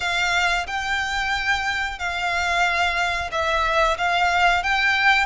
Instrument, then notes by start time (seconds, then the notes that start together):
violin
0.00 F5
0.67 G5
1.98 F5
3.31 E5
3.97 F5
4.63 G5